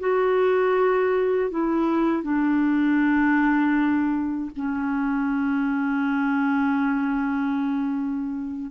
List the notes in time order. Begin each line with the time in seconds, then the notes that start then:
0.00 F#4
1.51 E4
2.23 D4
4.56 C#4